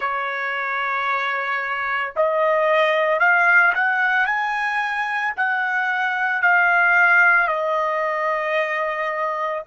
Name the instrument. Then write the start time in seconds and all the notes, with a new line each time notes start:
trumpet
0.00 C#5
2.15 D#5
3.19 F5
3.74 F#5
4.26 G#5
5.36 F#5
6.42 F5
7.47 D#5